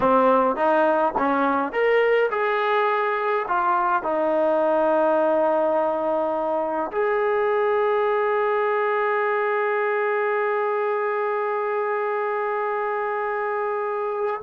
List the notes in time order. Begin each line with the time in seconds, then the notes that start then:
0.00 C4
0.56 D#4
1.18 C#4
1.72 A#4
2.31 G#4
3.47 F4
4.02 D#4
6.91 G#4